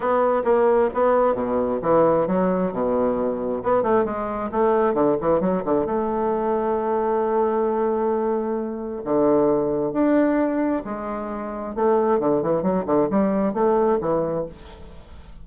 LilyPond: \new Staff \with { instrumentName = "bassoon" } { \time 4/4 \tempo 4 = 133 b4 ais4 b4 b,4 | e4 fis4 b,2 | b8 a8 gis4 a4 d8 e8 | fis8 d8 a2.~ |
a1 | d2 d'2 | gis2 a4 d8 e8 | fis8 d8 g4 a4 e4 | }